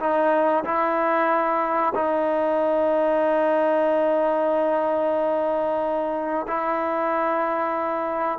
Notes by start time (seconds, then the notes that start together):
0.00 D#4
0.65 E4
1.95 D#4
6.48 E4